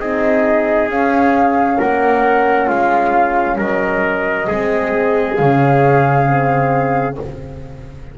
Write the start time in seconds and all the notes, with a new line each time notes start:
0.00 C4 D#4 G#4 D#5
0.90 C#4 F5
1.78 A#3 A#4 F#5
2.68 G#3 F4 F5
3.58 F#3 A#4 D#5
4.48 G#3 C4 G#4
5.36 C#3 C#4 F5
6.26 C4